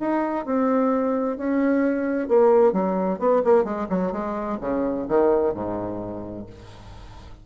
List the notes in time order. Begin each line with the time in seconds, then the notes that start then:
0.00 D#4
0.45 C4
1.37 C#4
2.28 A#3
2.73 F#3
3.19 B3
3.44 A#3
3.64 G#3
3.89 F#3
4.12 G#3
4.61 C#3
5.08 D#3
5.54 G#2